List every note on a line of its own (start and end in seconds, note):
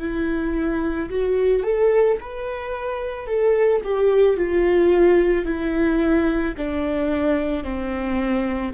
0.00 1.09 E4
1.10 1.63 F#4
1.63 2.18 A4
2.20 3.27 B4
3.27 3.81 A4
3.84 4.37 G4
4.37 5.45 F4
5.45 6.54 E4
6.57 7.64 D4
7.64 8.73 C4